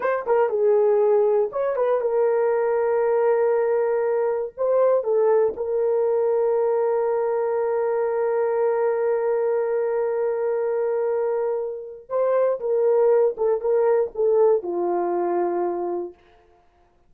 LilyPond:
\new Staff \with { instrumentName = "horn" } { \time 4/4 \tempo 4 = 119 c''8 ais'8 gis'2 cis''8 b'8 | ais'1~ | ais'4 c''4 a'4 ais'4~ | ais'1~ |
ais'1~ | ais'1 | c''4 ais'4. a'8 ais'4 | a'4 f'2. | }